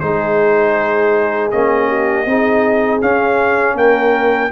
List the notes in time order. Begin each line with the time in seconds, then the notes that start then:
0.00 G#3 D#4 G#4 C5
1.51 A#3 C#4 D#5
1.89 G4
2.26 C4 D#4 G#4
3.02 C#4 F5
3.74 A#3 A#4 G5